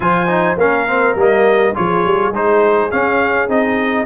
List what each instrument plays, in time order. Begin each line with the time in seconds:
0.00 tuba F3, trombone F4, horn C5, trumpet G#5
0.27 trombone D#4
0.56 tuba A#3, trombone C#4, horn A#4, trumpet F5
0.87 trombone C4
1.15 tuba G3, trombone A#3, trumpet D#5
1.74 tuba F3, trombone F4, horn G#4, trumpet C#5
2.05 tuba G3
2.29 tuba G#3, trombone D#4, trumpet C5
2.91 trombone C#4, tuba C#4, trumpet F5
3.48 tuba C4, trombone D#4, trumpet D#5